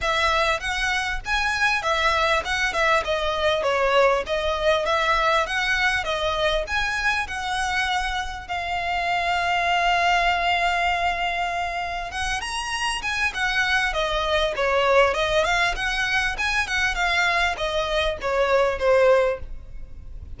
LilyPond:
\new Staff \with { instrumentName = "violin" } { \time 4/4 \tempo 4 = 99 e''4 fis''4 gis''4 e''4 | fis''8 e''8 dis''4 cis''4 dis''4 | e''4 fis''4 dis''4 gis''4 | fis''2 f''2~ |
f''1 | fis''8 ais''4 gis''8 fis''4 dis''4 | cis''4 dis''8 f''8 fis''4 gis''8 fis''8 | f''4 dis''4 cis''4 c''4 | }